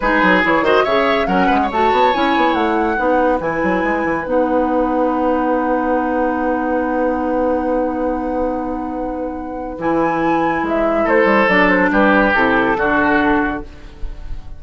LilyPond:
<<
  \new Staff \with { instrumentName = "flute" } { \time 4/4 \tempo 4 = 141 b'4 cis''8 dis''8 e''4 fis''4 | a''4 gis''4 fis''2 | gis''2 fis''2~ | fis''1~ |
fis''1~ | fis''2. gis''4~ | gis''4 e''4 c''4 d''8 c''8 | b'4 a'2. | }
  \new Staff \with { instrumentName = "oboe" } { \time 4/4 gis'4. c''8 cis''4 ais'8 b'16 cis''16~ | cis''2. b'4~ | b'1~ | b'1~ |
b'1~ | b'1~ | b'2 a'2 | g'2 fis'2 | }
  \new Staff \with { instrumentName = "clarinet" } { \time 4/4 dis'4 e'8 fis'8 gis'4 cis'4 | fis'4 e'2 dis'4 | e'2 dis'2~ | dis'1~ |
dis'1~ | dis'2. e'4~ | e'2. d'4~ | d'4 e'4 d'2 | }
  \new Staff \with { instrumentName = "bassoon" } { \time 4/4 gis8 fis8 e8 dis8 cis4 fis8 gis8 | a8 b8 cis'8 b8 a4 b4 | e8 fis8 gis8 e8 b2~ | b1~ |
b1~ | b2. e4~ | e4 gis4 a8 g8 fis4 | g4 c4 d2 | }
>>